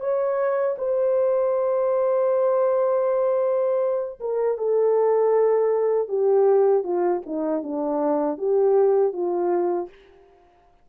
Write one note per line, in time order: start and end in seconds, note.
0.00 0.76 C#5
0.78 4.20 C5
4.20 4.58 A#4
4.58 6.09 A4
6.09 6.84 G4
6.84 7.22 F4
7.26 7.63 D#4
7.63 8.38 D4
8.38 9.13 G4
9.13 9.89 F4